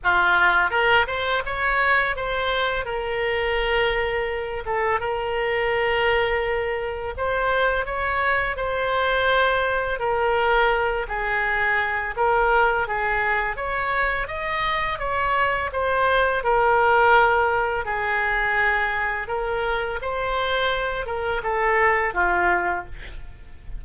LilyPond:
\new Staff \with { instrumentName = "oboe" } { \time 4/4 \tempo 4 = 84 f'4 ais'8 c''8 cis''4 c''4 | ais'2~ ais'8 a'8 ais'4~ | ais'2 c''4 cis''4 | c''2 ais'4. gis'8~ |
gis'4 ais'4 gis'4 cis''4 | dis''4 cis''4 c''4 ais'4~ | ais'4 gis'2 ais'4 | c''4. ais'8 a'4 f'4 | }